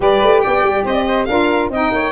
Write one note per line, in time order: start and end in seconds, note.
0.00 0.21 G3
0.00 1.27 G4
0.00 0.42 B4
0.00 0.40 D5
0.21 0.42 A3
0.40 0.62 B3
0.40 0.84 D5
0.40 0.83 G5
0.62 0.84 G3
0.84 1.27 C4
0.84 0.92 C5
0.84 1.25 D#5
0.92 1.03 D5
1.07 1.28 C5
1.25 1.69 D4
1.25 1.70 F4
1.25 1.70 A#4
1.25 1.67 F5
1.69 1.90 C4
1.69 2.12 D#4
1.69 1.92 D#5
1.69 2.12 G5
1.91 2.12 A#3
1.91 2.12 C#5